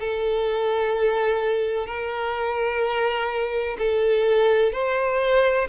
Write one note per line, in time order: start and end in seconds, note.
0.00 1.87 A4
1.87 3.77 A#4
3.78 4.73 A4
4.73 5.68 C5